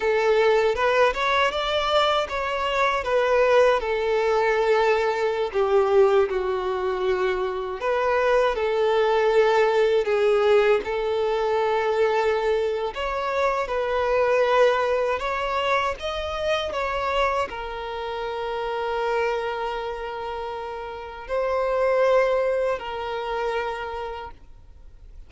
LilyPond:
\new Staff \with { instrumentName = "violin" } { \time 4/4 \tempo 4 = 79 a'4 b'8 cis''8 d''4 cis''4 | b'4 a'2~ a'16 g'8.~ | g'16 fis'2 b'4 a'8.~ | a'4~ a'16 gis'4 a'4.~ a'16~ |
a'4 cis''4 b'2 | cis''4 dis''4 cis''4 ais'4~ | ais'1 | c''2 ais'2 | }